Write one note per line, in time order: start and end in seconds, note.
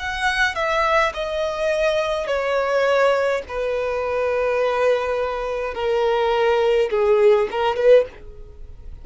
0.00 0.56 F#5
0.56 1.13 E5
1.14 2.27 D#5
2.27 3.42 C#5
3.49 5.75 B4
5.75 6.90 A#4
6.91 7.48 G#4
7.52 7.77 A#4
7.77 8.06 B4